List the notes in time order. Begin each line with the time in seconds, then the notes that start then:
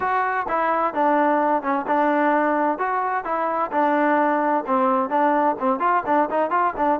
0.00 F#4
0.48 E4
0.94 D4
1.62 C#4
1.87 D4
2.78 F#4
3.24 E4
3.71 D4
4.66 C4
5.09 D4
5.59 C4
5.79 F4
6.05 D4
6.30 D#4
6.50 F4
6.77 D4